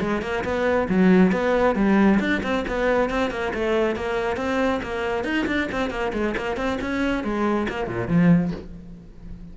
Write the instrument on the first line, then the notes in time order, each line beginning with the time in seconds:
cello
0.00 G#3
0.21 A#3
0.44 B3
0.88 F#3
1.31 B3
1.75 G3
2.20 D4
2.43 C4
2.68 B3
3.10 C4
3.30 A#3
3.54 A3
3.95 A#3
4.36 C4
4.82 A#3
5.24 D#4
5.46 D4
5.72 C4
5.90 A#3
6.13 G#3
6.37 A#3
6.57 C4
6.81 C#4
7.23 G#3
7.69 A#3
7.87 A#2
8.08 F3